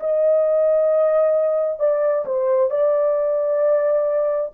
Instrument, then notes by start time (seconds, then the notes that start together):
horn
0.00 D#5
1.80 D5
2.26 C5
2.70 D5